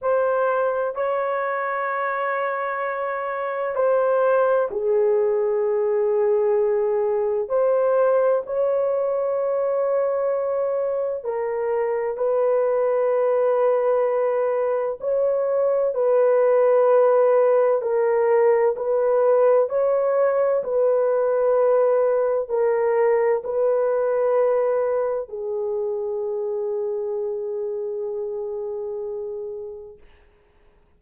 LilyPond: \new Staff \with { instrumentName = "horn" } { \time 4/4 \tempo 4 = 64 c''4 cis''2. | c''4 gis'2. | c''4 cis''2. | ais'4 b'2. |
cis''4 b'2 ais'4 | b'4 cis''4 b'2 | ais'4 b'2 gis'4~ | gis'1 | }